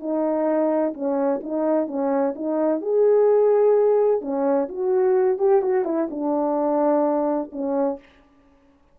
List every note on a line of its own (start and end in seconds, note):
0.00 0.94 D#4
0.94 1.41 C#4
1.43 1.87 D#4
1.87 2.34 C#4
2.36 2.82 D#4
2.82 4.21 G#4
4.21 4.68 C#4
4.69 5.38 F#4
5.38 5.62 G4
5.62 5.85 F#4
5.85 6.08 E4
6.10 7.51 D4
7.52 7.99 C#4